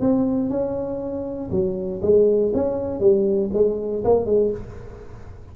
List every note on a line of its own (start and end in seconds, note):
0.00 0.50 C4
0.50 1.51 C#4
1.51 2.01 F#3
2.02 2.52 G#3
2.54 3.00 C#4
3.00 3.50 G3
3.53 4.04 G#3
4.05 4.26 A#3
4.26 4.51 G#3